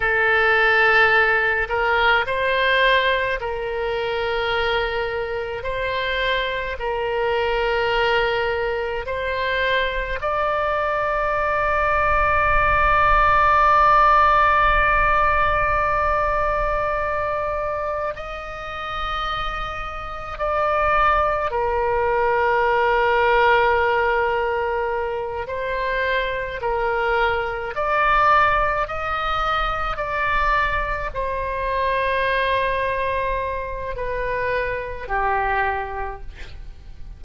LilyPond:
\new Staff \with { instrumentName = "oboe" } { \time 4/4 \tempo 4 = 53 a'4. ais'8 c''4 ais'4~ | ais'4 c''4 ais'2 | c''4 d''2.~ | d''1 |
dis''2 d''4 ais'4~ | ais'2~ ais'8 c''4 ais'8~ | ais'8 d''4 dis''4 d''4 c''8~ | c''2 b'4 g'4 | }